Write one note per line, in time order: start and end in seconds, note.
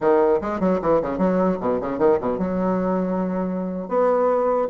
0.00 0.40 D#3
0.41 0.60 G#3
0.60 0.80 F#3
0.81 1.01 E3
1.01 1.18 C#3
1.18 1.58 F#3
1.60 1.80 B2
1.81 1.98 C#3
1.98 2.18 D#3
2.20 2.38 B2
2.38 3.88 F#3
3.88 4.68 B3